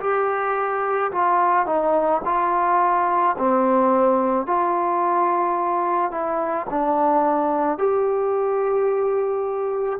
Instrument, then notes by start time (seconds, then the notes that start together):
trombone
0.00 G4
1.11 F4
1.66 D#4
2.25 F4
3.38 C4
4.46 F4
6.11 E4
6.69 D4
7.78 G4